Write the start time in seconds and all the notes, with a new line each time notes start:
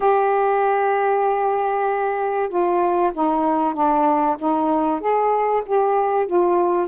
0.00 G4
2.49 F4
3.13 D#4
3.73 D4
4.39 D#4
5.00 G#4
5.66 G4
6.26 F4